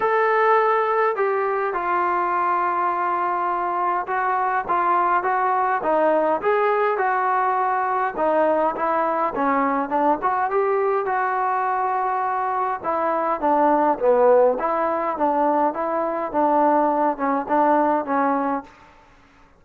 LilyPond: \new Staff \with { instrumentName = "trombone" } { \time 4/4 \tempo 4 = 103 a'2 g'4 f'4~ | f'2. fis'4 | f'4 fis'4 dis'4 gis'4 | fis'2 dis'4 e'4 |
cis'4 d'8 fis'8 g'4 fis'4~ | fis'2 e'4 d'4 | b4 e'4 d'4 e'4 | d'4. cis'8 d'4 cis'4 | }